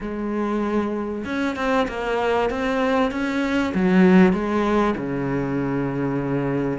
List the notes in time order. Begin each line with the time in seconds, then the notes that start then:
0.00 G#3
1.25 C#4
1.56 C4
1.88 A#3
2.49 C4
3.11 C#4
3.74 F#3
4.32 G#3
4.97 C#3